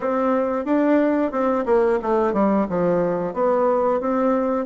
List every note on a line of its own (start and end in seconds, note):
0.00 0.65 C4
0.65 1.31 D4
1.31 1.65 C4
1.65 1.98 A#3
2.02 2.33 A3
2.33 2.66 G3
2.69 3.33 F3
3.33 4.00 B3
4.00 4.65 C4